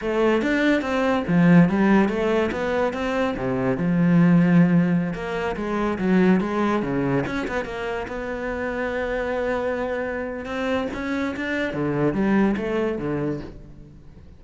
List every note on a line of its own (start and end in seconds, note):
0.01 0.41 A3
0.41 0.81 D4
0.81 1.23 C4
1.27 1.69 F3
1.69 2.08 G3
2.08 2.50 A3
2.51 2.93 B3
2.93 3.35 C4
3.37 3.77 C3
3.77 5.13 F3
5.13 5.55 A#3
5.56 5.98 G#3
5.98 6.40 F#3
6.40 6.82 G#3
6.82 7.24 C#3
7.26 7.47 C#4
7.47 7.64 B3
7.64 8.06 A#3
8.07 10.45 B3
10.45 10.87 C4
10.93 11.35 C#4
11.36 11.73 D4
11.73 12.13 D3
12.13 12.55 G3
12.56 12.98 A3
12.98 13.40 D3